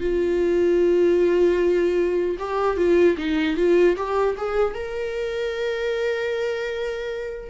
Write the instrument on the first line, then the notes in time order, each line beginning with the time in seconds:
viola
0.00 F4
2.39 G4
2.77 F4
3.17 D#4
3.57 F4
3.96 G4
4.37 G#4
4.74 A#4